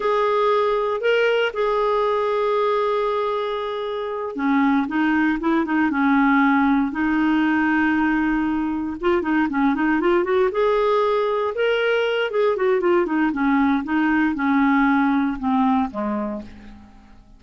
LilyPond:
\new Staff \with { instrumentName = "clarinet" } { \time 4/4 \tempo 4 = 117 gis'2 ais'4 gis'4~ | gis'1~ | gis'8 cis'4 dis'4 e'8 dis'8 cis'8~ | cis'4. dis'2~ dis'8~ |
dis'4. f'8 dis'8 cis'8 dis'8 f'8 | fis'8 gis'2 ais'4. | gis'8 fis'8 f'8 dis'8 cis'4 dis'4 | cis'2 c'4 gis4 | }